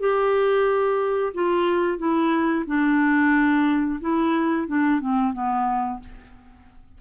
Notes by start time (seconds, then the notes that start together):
0.00 G4
1.35 F4
1.98 E4
2.67 D4
4.01 E4
4.68 D4
5.01 C4
5.34 B3